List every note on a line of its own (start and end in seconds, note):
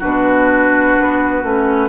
0.00 0.99 B2
0.00 1.43 D4
0.00 1.90 F#4
0.00 1.90 B4
0.99 1.43 B3
1.43 1.90 A3
1.43 1.90 C#4